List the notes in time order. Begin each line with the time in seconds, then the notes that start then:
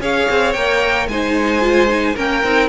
0.00 C#4 G#4 C#5 F5
0.30 C4
0.53 A#3 A#4 G5
1.07 G#3 D#4 C5 G#5
1.61 F4
1.88 D#4
2.15 A#3 C#4 A#4 G5
2.43 C4 D#4